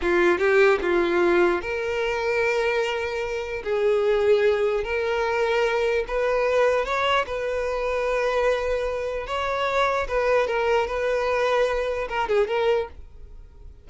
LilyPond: \new Staff \with { instrumentName = "violin" } { \time 4/4 \tempo 4 = 149 f'4 g'4 f'2 | ais'1~ | ais'4 gis'2. | ais'2. b'4~ |
b'4 cis''4 b'2~ | b'2. cis''4~ | cis''4 b'4 ais'4 b'4~ | b'2 ais'8 gis'8 ais'4 | }